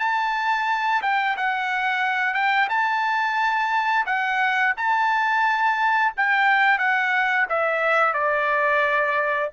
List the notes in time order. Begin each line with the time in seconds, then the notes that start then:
0.00 A5
1.03 G5
1.37 F#5
2.35 G5
2.70 A5
4.06 F#5
4.78 A5
6.17 G5
6.79 F#5
7.50 E5
8.14 D5